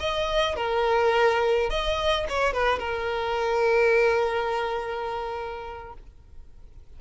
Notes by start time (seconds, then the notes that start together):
0.00 D#5
0.56 A#4
1.70 D#5
2.30 C#5
2.54 B4
2.79 A#4